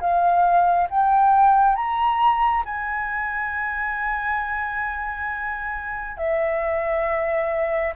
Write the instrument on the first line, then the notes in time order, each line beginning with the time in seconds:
flute
0.00 F5
0.90 G5
1.75 A#5
2.65 G#5
6.17 E5